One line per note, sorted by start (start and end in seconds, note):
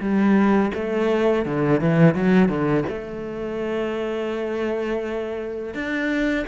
0.00 0.71 G3
0.74 1.45 A3
1.45 1.81 D3
1.81 2.14 E3
2.14 2.48 F#3
2.48 2.84 D3
2.88 5.74 A3
5.74 6.45 D4